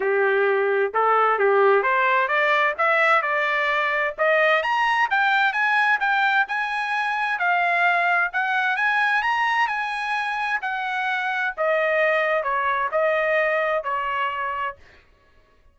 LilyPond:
\new Staff \with { instrumentName = "trumpet" } { \time 4/4 \tempo 4 = 130 g'2 a'4 g'4 | c''4 d''4 e''4 d''4~ | d''4 dis''4 ais''4 g''4 | gis''4 g''4 gis''2 |
f''2 fis''4 gis''4 | ais''4 gis''2 fis''4~ | fis''4 dis''2 cis''4 | dis''2 cis''2 | }